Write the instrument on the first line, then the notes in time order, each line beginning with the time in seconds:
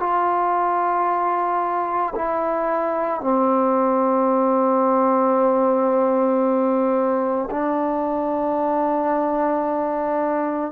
trombone
0.00 F4
2.16 E4
3.21 C4
7.51 D4